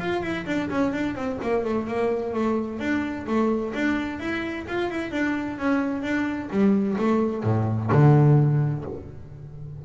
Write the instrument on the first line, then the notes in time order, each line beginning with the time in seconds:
double bass
0.00 F4
0.23 E4
0.47 D4
0.70 C#4
0.93 D4
1.16 C4
1.42 A#3
1.65 A3
1.88 A#3
2.34 A3
2.80 D4
3.27 A3
3.74 D4
4.20 E4
4.68 F4
4.91 E4
5.12 D4
5.59 C#4
6.03 D4
6.51 G3
6.99 A3
7.44 A2
7.92 D3